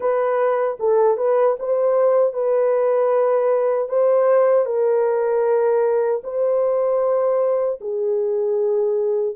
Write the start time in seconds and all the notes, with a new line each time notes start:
0.00 B4
0.79 A4
1.17 B4
1.59 C5
2.33 B4
3.88 C5
4.65 A#4
6.23 C5
7.81 G#4